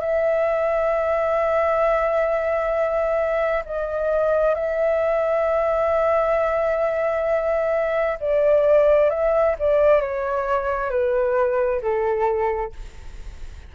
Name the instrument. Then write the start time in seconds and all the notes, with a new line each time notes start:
flute
0.00 E5
3.65 D#5
4.54 E5
8.20 D5
9.10 E5
9.59 D5
10.01 C#5
10.90 B4
11.81 A4